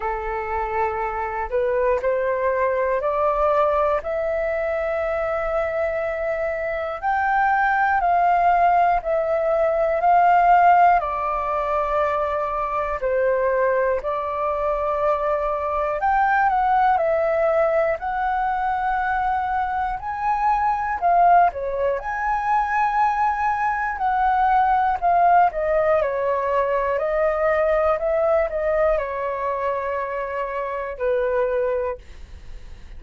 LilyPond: \new Staff \with { instrumentName = "flute" } { \time 4/4 \tempo 4 = 60 a'4. b'8 c''4 d''4 | e''2. g''4 | f''4 e''4 f''4 d''4~ | d''4 c''4 d''2 |
g''8 fis''8 e''4 fis''2 | gis''4 f''8 cis''8 gis''2 | fis''4 f''8 dis''8 cis''4 dis''4 | e''8 dis''8 cis''2 b'4 | }